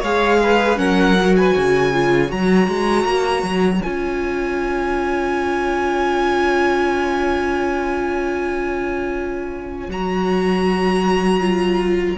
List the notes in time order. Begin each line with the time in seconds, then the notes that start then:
0.00 G#3 G#4 C#5 F5
0.43 B4
0.76 F#3 C#4 A#4 F#5
1.21 F#4
1.36 B4 G#5
1.56 C#3 C#5
1.93 F4
2.28 F#3 F#4 A#5
2.67 G#3
3.05 A#3
3.43 F#3
3.82 C#4 F4 G#5
9.88 F#3 F#4 A#5
11.40 F4